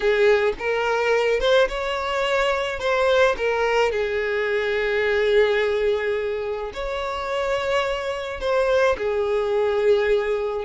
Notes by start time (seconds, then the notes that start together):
0.00 G#4
0.58 A#4
1.39 C5
1.68 C#5
2.79 C5
3.37 A#4
3.91 G#4
6.73 C#5
8.40 C5
8.97 G#4